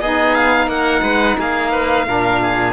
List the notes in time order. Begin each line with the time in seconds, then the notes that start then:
0.00 B3 D#4 G#4 D#5
0.34 F5
0.67 A#3 A#4 F#5
1.02 G#3 B4
1.38 A#3 G#4 F5
1.71 B4
2.07 A#2 D4 A#4
2.42 G#4